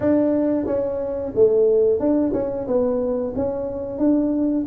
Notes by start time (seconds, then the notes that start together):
0.00 D4
0.65 C#4
1.35 A3
1.99 D4
2.33 C#4
2.67 B3
3.35 C#4
3.98 D4